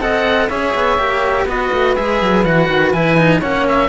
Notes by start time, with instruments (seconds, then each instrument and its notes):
0.00 cello C4 A4, saxophone D#5, oboe F#5
0.47 cello C#4 G#4, saxophone C#5, oboe E5
0.74 cello B3
0.98 cello A#3 G4
1.45 cello B3 F#4, saxophone B4, oboe D#5
1.72 cello A3
1.95 cello G#3 G#4, oboe E5
2.22 cello F#3
2.44 cello E3 F#4, oboe F#5
2.68 cello D#3
2.92 cello E3 E4, oboe G#5
3.17 cello D#4
3.38 cello A#3 C#4, saxophone C#5, oboe F#5
3.68 oboe E5